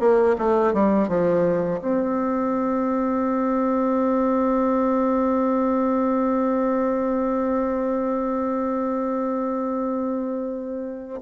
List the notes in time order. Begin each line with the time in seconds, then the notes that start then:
0.00 A#3
0.38 A3
0.74 G3
1.08 F3
1.82 C4